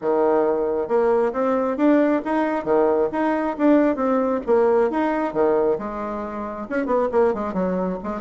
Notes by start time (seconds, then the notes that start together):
0.01 D#3
0.87 A#3
1.32 C4
1.77 D4
2.24 D#4
2.64 D#3
3.12 D#4
3.57 D4
3.96 C4
4.46 A#3
4.90 D#4
5.33 D#3
5.78 G#3
6.69 C#4
6.86 B3
7.11 A#3
7.34 G#3
7.53 F#3
8.03 G#3